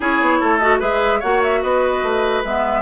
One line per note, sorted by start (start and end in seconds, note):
0.00 0.20 C#4
0.00 0.61 E4
0.00 0.39 G#4
0.00 0.58 C#5
0.20 0.41 B3
0.40 0.81 A3
0.40 0.79 A4
0.58 0.80 F#4
0.58 0.78 D#5
0.79 1.22 G#3
0.79 1.21 G#4
0.79 1.19 B4
0.79 1.21 E5
1.19 1.63 A#3
1.19 2.44 F#4
1.19 1.60 C#5
1.19 1.42 F#5
1.42 1.62 E5
1.62 2.02 B3
1.62 2.81 B4
1.62 2.43 D#5
2.02 2.43 A3
2.44 2.81 G#3
2.44 2.81 B3
2.44 2.81 E5